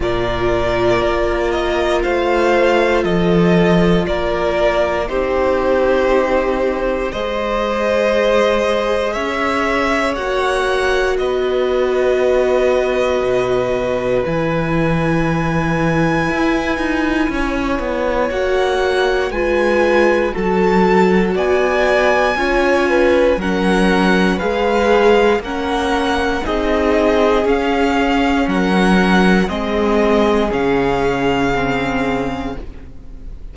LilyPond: <<
  \new Staff \with { instrumentName = "violin" } { \time 4/4 \tempo 4 = 59 d''4. dis''8 f''4 dis''4 | d''4 c''2 dis''4~ | dis''4 e''4 fis''4 dis''4~ | dis''2 gis''2~ |
gis''2 fis''4 gis''4 | a''4 gis''2 fis''4 | f''4 fis''4 dis''4 f''4 | fis''4 dis''4 f''2 | }
  \new Staff \with { instrumentName = "violin" } { \time 4/4 ais'2 c''4 a'4 | ais'4 g'2 c''4~ | c''4 cis''2 b'4~ | b'1~ |
b'4 cis''2 b'4 | a'4 d''4 cis''8 b'8 ais'4 | b'4 ais'4 gis'2 | ais'4 gis'2. | }
  \new Staff \with { instrumentName = "viola" } { \time 4/4 f'1~ | f'4 dis'2 gis'4~ | gis'2 fis'2~ | fis'2 e'2~ |
e'2 fis'4 f'4 | fis'2 f'4 cis'4 | gis'4 cis'4 dis'4 cis'4~ | cis'4 c'4 cis'4 c'4 | }
  \new Staff \with { instrumentName = "cello" } { \time 4/4 ais,4 ais4 a4 f4 | ais4 c'2 gis4~ | gis4 cis'4 ais4 b4~ | b4 b,4 e2 |
e'8 dis'8 cis'8 b8 ais4 gis4 | fis4 b4 cis'4 fis4 | gis4 ais4 c'4 cis'4 | fis4 gis4 cis2 | }
>>